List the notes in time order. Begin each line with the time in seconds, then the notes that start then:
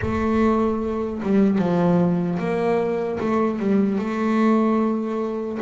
0.01 A3
1.22 G3
1.58 F3
2.39 A#3
3.20 A3
3.59 G3
3.98 A3